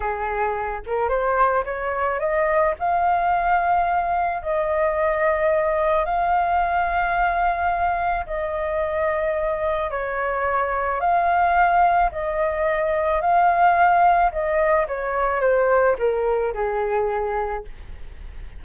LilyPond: \new Staff \with { instrumentName = "flute" } { \time 4/4 \tempo 4 = 109 gis'4. ais'8 c''4 cis''4 | dis''4 f''2. | dis''2. f''4~ | f''2. dis''4~ |
dis''2 cis''2 | f''2 dis''2 | f''2 dis''4 cis''4 | c''4 ais'4 gis'2 | }